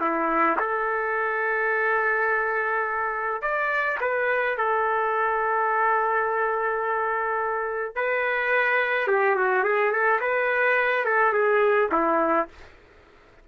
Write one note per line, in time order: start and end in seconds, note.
0.00 0.57 E4
0.59 3.41 A4
3.41 3.98 D5
4.00 4.57 B4
4.57 7.95 A4
7.95 9.07 B4
9.07 9.35 G4
9.36 9.63 F#4
9.63 9.91 G#4
9.91 10.20 A4
10.20 11.04 B4
11.04 11.33 A4
11.33 11.89 G#4
11.91 12.48 E4